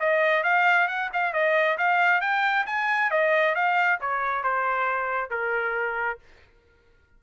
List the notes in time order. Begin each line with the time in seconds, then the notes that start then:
0.00 D#5
0.44 F5
0.88 F#5
1.13 F5
1.33 D#5
1.78 F5
2.21 G5
2.66 G#5
3.11 D#5
3.55 F5
4.01 C#5
4.44 C5
5.30 A#4